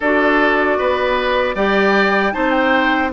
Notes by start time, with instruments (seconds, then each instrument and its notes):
0.00 bassoon D4, clarinet F#4, oboe A4, flute D5
0.78 bassoon B3, oboe B4
1.55 bassoon G3, clarinet G4, oboe D5, flute G5
2.32 bassoon C4, clarinet D#4, oboe C5, flute A5
2.50 flute G5